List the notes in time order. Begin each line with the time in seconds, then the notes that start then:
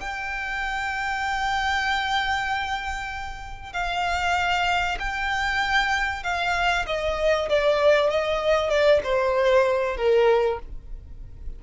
0.00 G5
3.73 F5
5.00 G5
6.24 F5
6.87 D#5
7.50 D5
8.11 D#5
8.70 D5
9.04 C5
9.97 A#4